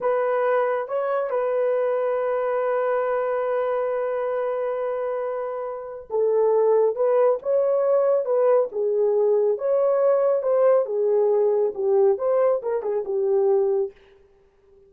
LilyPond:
\new Staff \with { instrumentName = "horn" } { \time 4/4 \tempo 4 = 138 b'2 cis''4 b'4~ | b'1~ | b'1~ | b'2 a'2 |
b'4 cis''2 b'4 | gis'2 cis''2 | c''4 gis'2 g'4 | c''4 ais'8 gis'8 g'2 | }